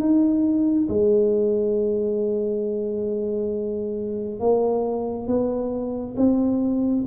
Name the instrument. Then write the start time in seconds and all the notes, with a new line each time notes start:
tuba
0.00 D#4
0.89 G#3
4.40 A#3
5.27 B3
6.17 C4